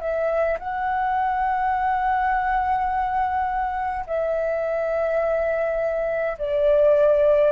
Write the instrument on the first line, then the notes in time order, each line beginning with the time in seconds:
flute
0.00 E5
0.59 F#5
4.06 E5
6.38 D5